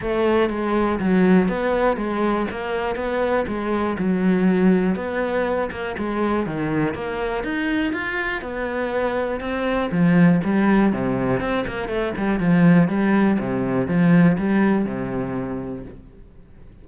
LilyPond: \new Staff \with { instrumentName = "cello" } { \time 4/4 \tempo 4 = 121 a4 gis4 fis4 b4 | gis4 ais4 b4 gis4 | fis2 b4. ais8 | gis4 dis4 ais4 dis'4 |
f'4 b2 c'4 | f4 g4 c4 c'8 ais8 | a8 g8 f4 g4 c4 | f4 g4 c2 | }